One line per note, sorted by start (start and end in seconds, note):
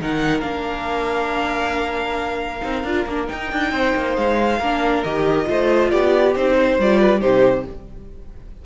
0.00 0.42 D#3
0.00 0.41 D#4
0.00 3.72 A#4
0.00 0.41 F#5
0.41 2.61 A#3
0.41 2.60 D4
0.41 3.25 F5
2.61 2.83 C4
2.61 2.83 D#4
2.83 3.05 D4
2.83 3.08 F4
3.06 3.28 A#3
3.06 3.26 D4
3.26 4.58 D#4
3.26 3.52 D#4
3.26 4.16 G5
3.52 3.72 D4
3.72 3.94 C4
3.72 4.58 C5
3.95 4.17 A#3
4.16 4.59 G#3
4.16 5.03 F5
4.58 5.03 A#3
4.58 5.05 D4
4.58 5.46 A#4
5.03 5.48 D#3
5.03 5.45 G4
5.03 5.90 D#5
5.45 5.93 A3
5.45 6.32 F4
5.45 5.91 C5
5.90 6.35 B3
5.90 6.56 G4
5.90 6.34 D5
6.35 6.78 C4
6.35 6.80 D#4
6.35 6.80 C5
6.56 7.00 C5
6.78 7.22 G3
6.78 7.20 F4
6.78 7.21 D5
7.00 7.21 B4
7.20 7.66 C3
7.20 7.64 D#4
7.20 7.65 G4
7.20 7.65 C5